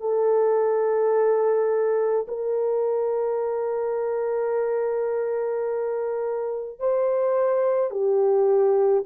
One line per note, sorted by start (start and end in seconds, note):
0.00 2.26 A4
2.28 6.79 A#4
6.79 7.91 C5
7.91 9.04 G4